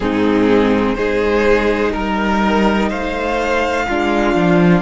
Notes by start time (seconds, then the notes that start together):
0.00 G#2 C4 D#4 G#4
0.94 G#3 D#4 G#4 C5
1.92 G3 A#4
2.89 A3 C5 F5
3.87 G#3 D4 F4
4.34 F3